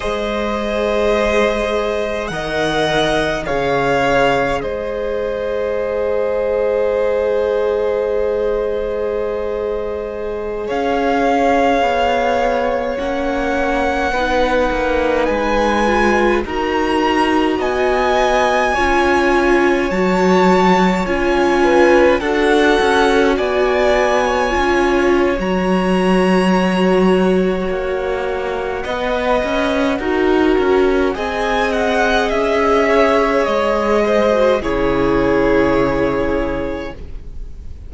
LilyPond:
<<
  \new Staff \with { instrumentName = "violin" } { \time 4/4 \tempo 4 = 52 dis''2 fis''4 f''4 | dis''1~ | dis''4~ dis''16 f''2 fis''8.~ | fis''4~ fis''16 gis''4 ais''4 gis''8.~ |
gis''4~ gis''16 a''4 gis''4 fis''8.~ | fis''16 gis''4.~ gis''16 ais''2 | fis''2. gis''8 fis''8 | e''4 dis''4 cis''2 | }
  \new Staff \with { instrumentName = "violin" } { \time 4/4 c''2 dis''4 cis''4 | c''1~ | c''4~ c''16 cis''2~ cis''8.~ | cis''16 b'2 ais'4 dis''8.~ |
dis''16 cis''2~ cis''8 b'8 a'8.~ | a'16 d''8. cis''2.~ | cis''4 dis''4 ais'4 dis''4~ | dis''8 cis''4 c''8 gis'2 | }
  \new Staff \with { instrumentName = "viola" } { \time 4/4 gis'2 ais'4 gis'4~ | gis'1~ | gis'2.~ gis'16 cis'8.~ | cis'16 dis'4. f'8 fis'4.~ fis'16~ |
fis'16 f'4 fis'4 f'4 fis'8.~ | fis'4~ fis'16 f'8. fis'2~ | fis'4 b'4 fis'4 gis'4~ | gis'4.~ gis'16 fis'16 e'2 | }
  \new Staff \with { instrumentName = "cello" } { \time 4/4 gis2 dis4 cis4 | gis1~ | gis4~ gis16 cis'4 b4 ais8.~ | ais16 b8 ais8 gis4 dis'4 b8.~ |
b16 cis'4 fis4 cis'4 d'8 cis'16~ | cis'16 b4 cis'8. fis2 | ais4 b8 cis'8 dis'8 cis'8 c'4 | cis'4 gis4 cis2 | }
>>